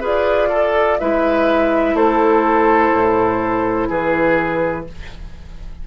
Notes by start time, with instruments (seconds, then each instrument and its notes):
0.00 bassoon F4, clarinet G#4, oboe B4, flute D5
0.49 oboe A4, clarinet A4
0.99 bassoon G#3, clarinet E4, oboe B4, flute E5
1.93 bassoon A3, oboe A4, flute C5
2.93 bassoon A2
3.89 bassoon E3, oboe G#4, flute B4